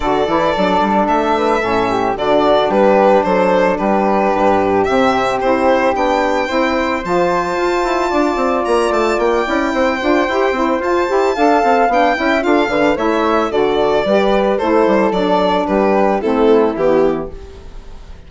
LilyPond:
<<
  \new Staff \with { instrumentName = "violin" } { \time 4/4 \tempo 4 = 111 d''2 e''2 | d''4 b'4 c''4 b'4~ | b'4 e''4 c''4 g''4~ | g''4 a''2. |
ais''8 a''8 g''2. | a''2 g''4 f''4 | e''4 d''2 c''4 | d''4 b'4 a'4 g'4 | }
  \new Staff \with { instrumentName = "flute" } { \time 4/4 a'2~ a'8 b'8 a'8 g'8 | fis'4 g'4 a'4 g'4~ | g'1 | c''2. d''4~ |
d''2 c''2~ | c''4 f''4. e''8 a'8 b'8 | cis''4 a'4 b'4 a'4~ | a'4 g'4 e'2 | }
  \new Staff \with { instrumentName = "saxophone" } { \time 4/4 fis'8 e'8 d'2 cis'4 | d'1~ | d'4 c'4 e'4 d'4 | e'4 f'2.~ |
f'4. e'4 f'8 g'8 e'8 | f'8 g'8 a'4 d'8 e'8 f'8 d'8 | e'4 fis'4 g'4 e'4 | d'2 c'4 b4 | }
  \new Staff \with { instrumentName = "bassoon" } { \time 4/4 d8 e8 fis8 g8 a4 a,4 | d4 g4 fis4 g4 | g,4 c4 c'4 b4 | c'4 f4 f'8 e'8 d'8 c'8 |
ais8 a8 ais8 cis'8 c'8 d'8 e'8 c'8 | f'8 e'8 d'8 c'8 b8 cis'8 d'8 d8 | a4 d4 g4 a8 g8 | fis4 g4 a4 e4 | }
>>